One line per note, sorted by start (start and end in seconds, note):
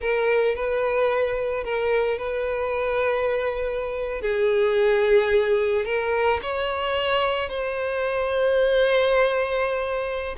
0.00 0.55 A#4
0.55 1.64 B4
1.64 2.18 A#4
2.18 4.21 B4
4.21 5.85 G#4
5.85 6.39 A#4
6.41 7.49 C#5
7.49 10.35 C5